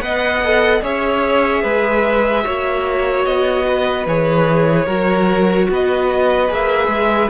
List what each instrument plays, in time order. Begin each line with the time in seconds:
0.00 cello B3, viola B4, violin D#5 F#5
0.44 viola A4
0.82 cello C#4, viola G#4, violin C#5 E5
1.63 cello G#3, violin B4
2.44 cello A#3, viola F#4, violin C#5
3.25 cello B3, violin D#5
3.68 violin B4
4.06 cello E3, viola G#4, violin C#5
4.86 cello F#3, viola F#4, violin A#4
5.69 cello B3, violin B4 D#5
6.48 cello A#3, viola G#4, violin E5
6.87 cello G#3